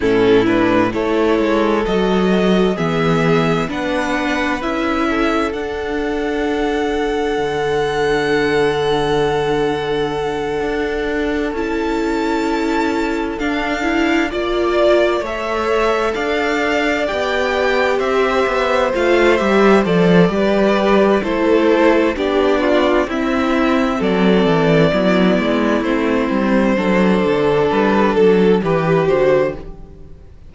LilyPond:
<<
  \new Staff \with { instrumentName = "violin" } { \time 4/4 \tempo 4 = 65 a'8 b'8 cis''4 dis''4 e''4 | fis''4 e''4 fis''2~ | fis''1~ | fis''8 a''2 f''4 d''8~ |
d''8 e''4 f''4 g''4 e''8~ | e''8 f''8 e''8 d''4. c''4 | d''4 e''4 d''2 | c''2 b'8 a'8 b'8 c''8 | }
  \new Staff \with { instrumentName = "violin" } { \time 4/4 e'4 a'2 gis'4 | b'4. a'2~ a'8~ | a'1~ | a'2.~ a'8 d''8~ |
d''8 cis''4 d''2 c''8~ | c''2 b'4 a'4 | g'8 f'8 e'4 a'4 e'4~ | e'4 a'2 g'4 | }
  \new Staff \with { instrumentName = "viola" } { \time 4/4 cis'8 d'8 e'4 fis'4 b4 | d'4 e'4 d'2~ | d'1~ | d'8 e'2 d'8 e'8 f'8~ |
f'8 a'2 g'4.~ | g'8 f'8 g'8 a'8 g'4 e'4 | d'4 c'2 b4 | c'4 d'2 g'8 fis'8 | }
  \new Staff \with { instrumentName = "cello" } { \time 4/4 a,4 a8 gis8 fis4 e4 | b4 cis'4 d'2 | d2.~ d8 d'8~ | d'8 cis'2 d'4 ais8~ |
ais8 a4 d'4 b4 c'8 | b8 a8 g8 f8 g4 a4 | b4 c'4 fis8 e8 fis8 gis8 | a8 g8 fis8 d8 g8 fis8 e8 d8 | }
>>